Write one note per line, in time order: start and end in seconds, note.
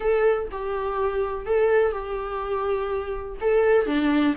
0.00 0.48 A4
0.51 1.46 G4
1.46 1.92 A4
1.92 3.37 G4
3.40 3.86 A4
3.86 4.34 D4